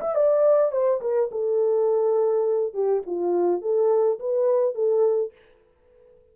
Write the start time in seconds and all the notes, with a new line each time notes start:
0.00 E5
0.15 D5
0.71 C5
1.01 A#4
1.31 A4
2.74 G4
3.06 F4
3.61 A4
4.19 B4
4.74 A4